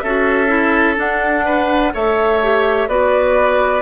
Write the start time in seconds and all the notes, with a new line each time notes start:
0.00 C#4 F#4 A4 E5
0.47 E4
0.96 D4 F#5
1.45 B4
1.93 A3 A4 C#5 E5
2.42 G4
2.88 B3 F#4 B4 D5